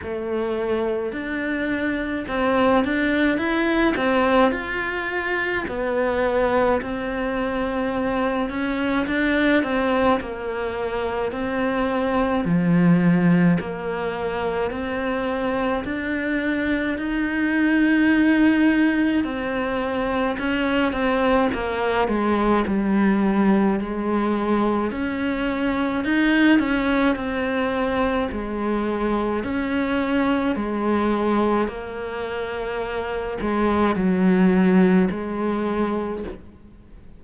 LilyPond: \new Staff \with { instrumentName = "cello" } { \time 4/4 \tempo 4 = 53 a4 d'4 c'8 d'8 e'8 c'8 | f'4 b4 c'4. cis'8 | d'8 c'8 ais4 c'4 f4 | ais4 c'4 d'4 dis'4~ |
dis'4 c'4 cis'8 c'8 ais8 gis8 | g4 gis4 cis'4 dis'8 cis'8 | c'4 gis4 cis'4 gis4 | ais4. gis8 fis4 gis4 | }